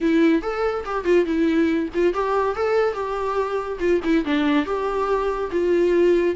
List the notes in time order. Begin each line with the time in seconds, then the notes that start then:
0.00 E4
0.42 A4
0.85 G4
1.04 F4
1.25 E4
1.94 F4
2.13 G4
2.55 A4
2.93 G4
3.79 F4
4.04 E4
4.24 D4
4.65 G4
5.51 F4